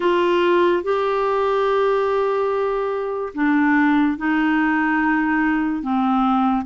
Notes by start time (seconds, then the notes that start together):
0.00 F4
0.83 G4
3.34 D4
4.17 D#4
5.82 C4